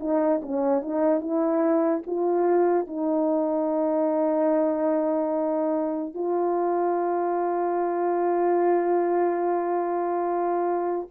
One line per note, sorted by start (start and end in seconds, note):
0.00 0.41 D#4
0.42 0.82 C#4
0.82 1.21 D#4
1.21 2.03 E4
2.07 2.87 F4
2.87 6.14 D#4
6.14 11.07 F4